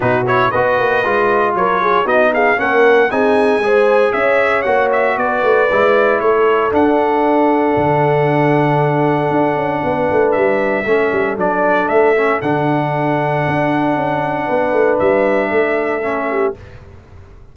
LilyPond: <<
  \new Staff \with { instrumentName = "trumpet" } { \time 4/4 \tempo 4 = 116 b'8 cis''8 dis''2 cis''4 | dis''8 f''8 fis''4 gis''2 | e''4 fis''8 e''8 d''2 | cis''4 fis''2.~ |
fis''1 | e''2 d''4 e''4 | fis''1~ | fis''4 e''2. | }
  \new Staff \with { instrumentName = "horn" } { \time 4/4 fis'4 b'2 ais'8 gis'8 | fis'8 gis'8 ais'4 gis'4 c''4 | cis''2 b'2 | a'1~ |
a'2. b'4~ | b'4 a'2.~ | a'1 | b'2 a'4. g'8 | }
  \new Staff \with { instrumentName = "trombone" } { \time 4/4 dis'8 e'8 fis'4 f'2 | dis'4 cis'4 dis'4 gis'4~ | gis'4 fis'2 e'4~ | e'4 d'2.~ |
d'1~ | d'4 cis'4 d'4. cis'8 | d'1~ | d'2. cis'4 | }
  \new Staff \with { instrumentName = "tuba" } { \time 4/4 b,4 b8 ais8 gis4 fis4 | b4 ais4 c'4 gis4 | cis'4 ais4 b8 a8 gis4 | a4 d'2 d4~ |
d2 d'8 cis'8 b8 a8 | g4 a8 g8 fis4 a4 | d2 d'4 cis'4 | b8 a8 g4 a2 | }
>>